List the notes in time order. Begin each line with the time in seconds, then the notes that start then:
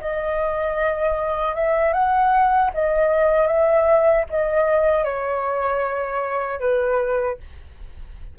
0.00 D#5
1.54 E5
1.92 F#5
2.73 D#5
3.46 E5
4.29 D#5
5.04 C#5
6.59 B4